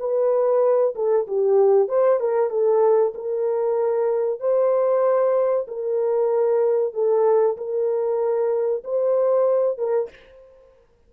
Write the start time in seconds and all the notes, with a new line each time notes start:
0.00 B4
0.95 A4
1.27 G4
1.89 C5
2.20 A#4
2.50 A4
3.15 A#4
4.40 C5
5.68 A#4
6.94 A4
7.57 A#4
8.84 C5
9.78 A#4